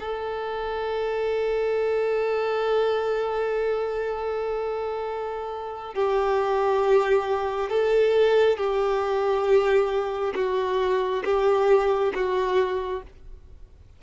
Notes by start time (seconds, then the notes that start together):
0.00 A4
5.95 G4
7.70 A4
8.57 G4
10.35 F#4
11.25 G4
12.14 F#4